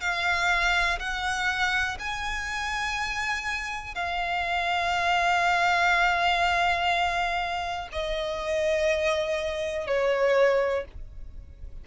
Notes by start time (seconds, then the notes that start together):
0.00 F5
0.99 F#5
1.99 G#5
3.95 F5
7.92 D#5
9.86 C#5